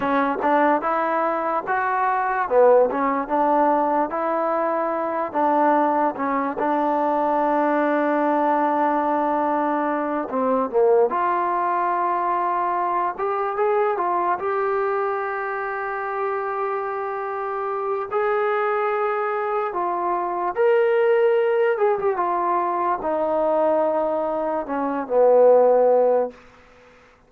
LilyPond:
\new Staff \with { instrumentName = "trombone" } { \time 4/4 \tempo 4 = 73 cis'8 d'8 e'4 fis'4 b8 cis'8 | d'4 e'4. d'4 cis'8 | d'1~ | d'8 c'8 ais8 f'2~ f'8 |
g'8 gis'8 f'8 g'2~ g'8~ | g'2 gis'2 | f'4 ais'4. gis'16 g'16 f'4 | dis'2 cis'8 b4. | }